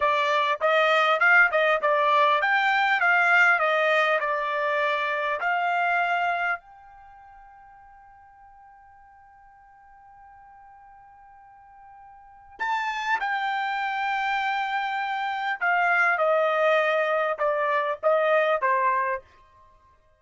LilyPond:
\new Staff \with { instrumentName = "trumpet" } { \time 4/4 \tempo 4 = 100 d''4 dis''4 f''8 dis''8 d''4 | g''4 f''4 dis''4 d''4~ | d''4 f''2 g''4~ | g''1~ |
g''1~ | g''4 a''4 g''2~ | g''2 f''4 dis''4~ | dis''4 d''4 dis''4 c''4 | }